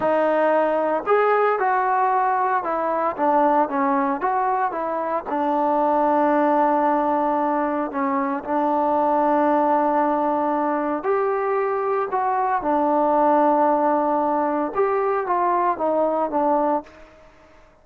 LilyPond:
\new Staff \with { instrumentName = "trombone" } { \time 4/4 \tempo 4 = 114 dis'2 gis'4 fis'4~ | fis'4 e'4 d'4 cis'4 | fis'4 e'4 d'2~ | d'2. cis'4 |
d'1~ | d'4 g'2 fis'4 | d'1 | g'4 f'4 dis'4 d'4 | }